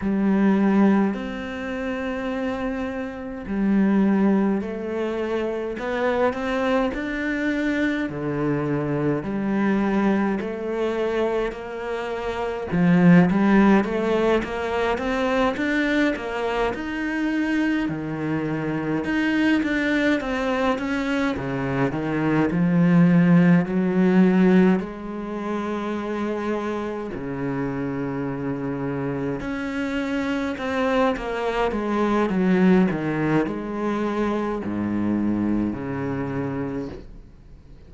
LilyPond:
\new Staff \with { instrumentName = "cello" } { \time 4/4 \tempo 4 = 52 g4 c'2 g4 | a4 b8 c'8 d'4 d4 | g4 a4 ais4 f8 g8 | a8 ais8 c'8 d'8 ais8 dis'4 dis8~ |
dis8 dis'8 d'8 c'8 cis'8 cis8 dis8 f8~ | f8 fis4 gis2 cis8~ | cis4. cis'4 c'8 ais8 gis8 | fis8 dis8 gis4 gis,4 cis4 | }